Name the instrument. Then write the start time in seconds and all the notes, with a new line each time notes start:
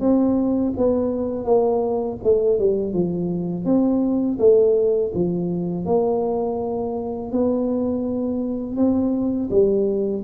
tuba
0.00 C4
0.76 B3
1.44 A#3
2.23 A3
2.58 G3
2.93 F3
3.65 C4
4.39 A3
5.14 F3
5.85 A#3
7.32 B3
8.76 C4
9.50 G3